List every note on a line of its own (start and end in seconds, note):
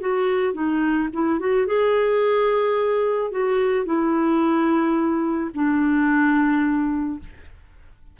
0.00 0.54 F#4
0.54 1.09 D#4
1.13 1.39 E4
1.39 1.66 F#4
1.66 3.31 G#4
3.31 3.86 F#4
3.86 5.51 E4
5.54 7.19 D4